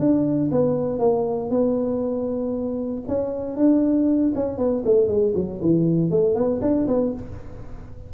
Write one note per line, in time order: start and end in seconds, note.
0.00 0.51 D4
0.52 1.00 B3
1.00 1.50 A#3
1.51 3.03 B3
3.09 3.57 C#4
3.57 4.33 D4
4.36 4.58 C#4
4.58 4.84 B3
4.85 5.08 A3
5.08 5.34 G#3
5.36 5.61 F#3
5.62 6.11 E3
6.11 6.35 A3
6.35 6.61 B3
6.62 6.87 D4
6.88 7.13 B3